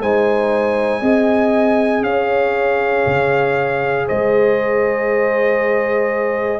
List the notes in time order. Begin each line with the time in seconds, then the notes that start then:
0.00 G#3 D#4 C5 G#5
1.00 C4 G#4 D#5
2.02 C#4 C#5 F5
3.06 C#3
4.07 G#3 C5 D#5